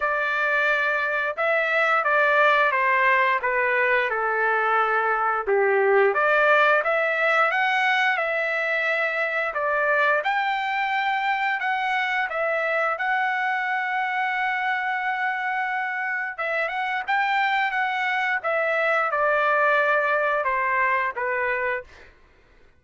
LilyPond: \new Staff \with { instrumentName = "trumpet" } { \time 4/4 \tempo 4 = 88 d''2 e''4 d''4 | c''4 b'4 a'2 | g'4 d''4 e''4 fis''4 | e''2 d''4 g''4~ |
g''4 fis''4 e''4 fis''4~ | fis''1 | e''8 fis''8 g''4 fis''4 e''4 | d''2 c''4 b'4 | }